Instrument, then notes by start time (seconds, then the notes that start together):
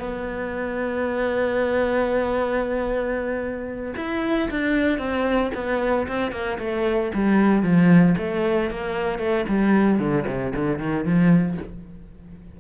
cello
0.00 B3
3.96 E4
4.51 D4
4.99 C4
5.55 B3
6.08 C4
6.32 A#3
6.59 A3
7.15 G3
7.63 F3
8.18 A3
8.71 A#3
9.19 A3
9.49 G3
9.99 D3
10.27 C3
10.55 D3
10.79 D#3
11.05 F3